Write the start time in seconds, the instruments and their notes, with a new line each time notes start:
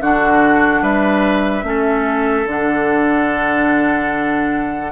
0.00 bassoon D3, clarinet D4, oboe F#4, flute F#5
0.81 bassoon G3, oboe B4, flute E5
1.63 bassoon A3, clarinet C#4, oboe A4
2.46 bassoon D3, clarinet D4, flute F#5